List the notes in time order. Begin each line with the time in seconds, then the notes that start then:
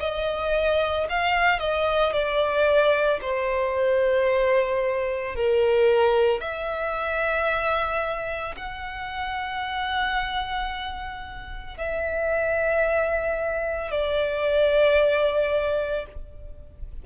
0.00 D#5
1.10 F5
1.60 D#5
2.13 D5
3.22 C5
5.36 A#4
6.41 E5
8.57 F#5
11.78 E5
13.91 D5